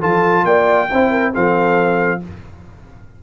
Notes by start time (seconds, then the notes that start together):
0.00 F3 F4 A4 A5
0.44 A#3 D5 G5
0.90 C4 E4 C5
1.10 A#4
1.33 F3 C4 A4 F5